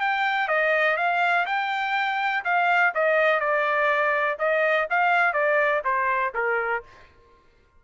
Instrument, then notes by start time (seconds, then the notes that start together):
trumpet
0.00 G5
0.47 D#5
0.96 F5
1.45 G5
2.44 F5
2.94 D#5
3.39 D5
4.38 D#5
4.90 F5
5.33 D5
5.84 C5
6.34 A#4